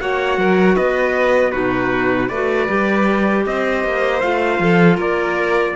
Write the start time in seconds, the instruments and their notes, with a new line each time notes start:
0.00 cello A#3, clarinet F#4, violin C#5, trumpet F#5
0.38 cello F#3, violin A#4
0.76 cello B3, violin B4, trumpet D#5
1.52 cello B2, clarinet D#4, violin F#4, trumpet B4
2.29 cello A3, clarinet F#4, violin B4, trumpet D5
2.68 cello G3, clarinet G4
3.46 cello C4, violin C5, trumpet D#5
3.85 cello A#3
4.20 cello A3, clarinet F4, trumpet F5
4.59 cello F3, violin A4
4.97 cello A#3, violin A#4, trumpet D5